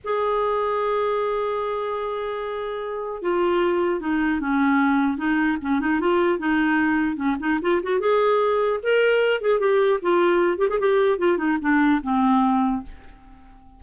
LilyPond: \new Staff \with { instrumentName = "clarinet" } { \time 4/4 \tempo 4 = 150 gis'1~ | gis'1 | f'2 dis'4 cis'4~ | cis'4 dis'4 cis'8 dis'8 f'4 |
dis'2 cis'8 dis'8 f'8 fis'8 | gis'2 ais'4. gis'8 | g'4 f'4. g'16 gis'16 g'4 | f'8 dis'8 d'4 c'2 | }